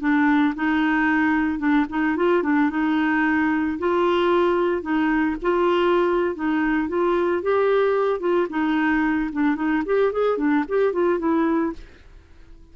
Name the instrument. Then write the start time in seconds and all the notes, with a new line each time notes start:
clarinet
0.00 D4
0.56 D#4
1.59 D4
1.90 D#4
2.17 F4
2.43 D4
2.71 D#4
3.79 F4
4.82 D#4
5.42 F4
6.35 D#4
6.89 F4
7.43 G4
8.20 F4
8.50 D#4
9.33 D4
9.56 D#4
9.86 G4
10.13 G#4
10.38 D4
10.69 G4
10.93 F4
11.19 E4